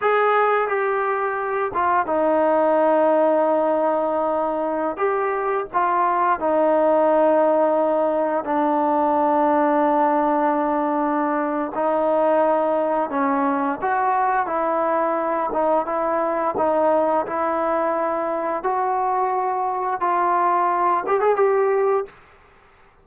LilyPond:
\new Staff \with { instrumentName = "trombone" } { \time 4/4 \tempo 4 = 87 gis'4 g'4. f'8 dis'4~ | dis'2.~ dis'16 g'8.~ | g'16 f'4 dis'2~ dis'8.~ | dis'16 d'2.~ d'8.~ |
d'4 dis'2 cis'4 | fis'4 e'4. dis'8 e'4 | dis'4 e'2 fis'4~ | fis'4 f'4. g'16 gis'16 g'4 | }